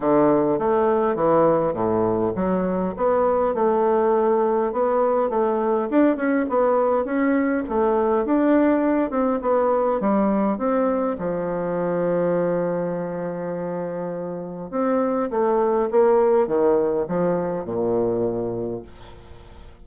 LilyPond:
\new Staff \with { instrumentName = "bassoon" } { \time 4/4 \tempo 4 = 102 d4 a4 e4 a,4 | fis4 b4 a2 | b4 a4 d'8 cis'8 b4 | cis'4 a4 d'4. c'8 |
b4 g4 c'4 f4~ | f1~ | f4 c'4 a4 ais4 | dis4 f4 ais,2 | }